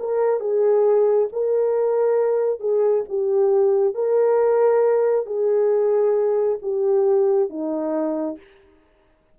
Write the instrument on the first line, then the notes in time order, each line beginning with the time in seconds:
horn
0.00 A#4
0.41 G#4
1.33 A#4
2.60 G#4
3.09 G4
3.95 A#4
5.27 G#4
6.62 G4
7.50 D#4